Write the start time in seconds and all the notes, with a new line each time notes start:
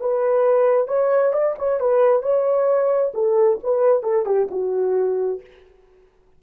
0.00 B4
0.88 C#5
1.33 D5
1.58 C#5
1.80 B4
2.22 C#5
3.14 A4
3.63 B4
4.03 A4
4.26 G4
4.51 F#4